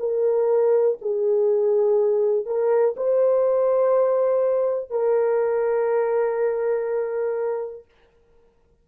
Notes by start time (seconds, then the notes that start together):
0.00 A#4
1.01 G#4
2.46 A#4
2.97 C5
4.90 A#4